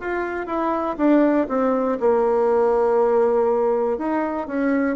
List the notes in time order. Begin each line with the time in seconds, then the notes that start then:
0.00 F4
0.46 E4
0.97 D4
1.48 C4
2.00 A#3
3.98 D#4
4.47 C#4